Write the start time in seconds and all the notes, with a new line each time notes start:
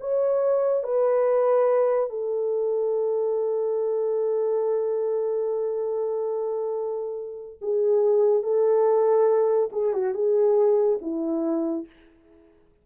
0.00 C#5
0.83 B4
2.10 A4
7.61 G#4
8.43 A4
9.72 G#4
9.93 F#4
10.14 G#4
11.01 E4